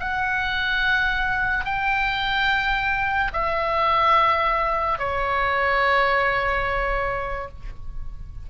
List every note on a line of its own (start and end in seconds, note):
0.00 1.65 F#5
1.65 3.32 G5
3.33 4.98 E5
4.98 7.48 C#5